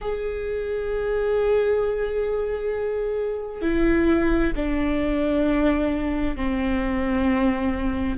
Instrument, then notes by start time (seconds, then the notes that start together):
viola
0.01 G#4
3.61 E4
4.55 D4
6.36 C4